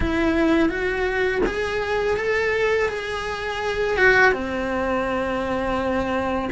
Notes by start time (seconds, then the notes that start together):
0.00 E4
0.69 F#4
1.46 G#4
2.16 A4
2.88 G#4
3.97 F#4
4.32 C4